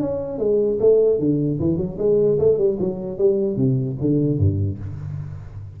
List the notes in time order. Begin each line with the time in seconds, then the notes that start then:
0.00 C#4
0.38 G#3
0.80 A3
1.19 D3
1.59 E3
1.77 F#3
1.98 G#3
2.38 A3
2.57 G3
2.79 F#3
3.18 G3
3.56 C3
4.00 D3
4.38 G2